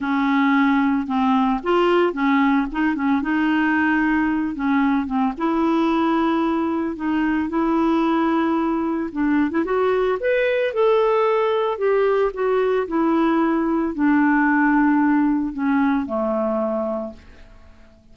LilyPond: \new Staff \with { instrumentName = "clarinet" } { \time 4/4 \tempo 4 = 112 cis'2 c'4 f'4 | cis'4 dis'8 cis'8 dis'2~ | dis'8 cis'4 c'8 e'2~ | e'4 dis'4 e'2~ |
e'4 d'8. e'16 fis'4 b'4 | a'2 g'4 fis'4 | e'2 d'2~ | d'4 cis'4 a2 | }